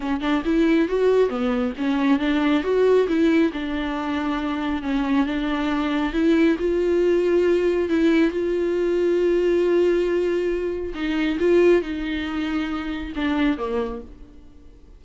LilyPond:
\new Staff \with { instrumentName = "viola" } { \time 4/4 \tempo 4 = 137 cis'8 d'8 e'4 fis'4 b4 | cis'4 d'4 fis'4 e'4 | d'2. cis'4 | d'2 e'4 f'4~ |
f'2 e'4 f'4~ | f'1~ | f'4 dis'4 f'4 dis'4~ | dis'2 d'4 ais4 | }